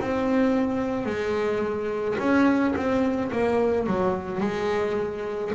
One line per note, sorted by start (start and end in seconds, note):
0.00 1.06 C4
1.06 2.17 G#3
2.19 2.74 C#4
2.76 3.31 C4
3.32 3.87 A#3
3.87 4.40 F#3
4.40 5.52 G#3